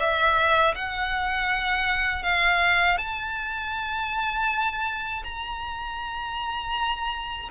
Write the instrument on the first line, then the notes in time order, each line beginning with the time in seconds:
violin
0.00 E5
0.75 F#5
2.23 F5
2.98 A5
5.24 A#5